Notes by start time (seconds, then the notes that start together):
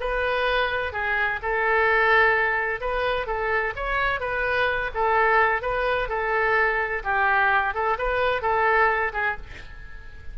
0.00 B4
0.92 G#4
1.42 A4
2.80 B4
3.26 A4
3.75 C#5
4.20 B4
4.94 A4
5.61 B4
6.09 A4
7.04 G4
7.74 A4
7.98 B4
8.42 A4
9.13 G#4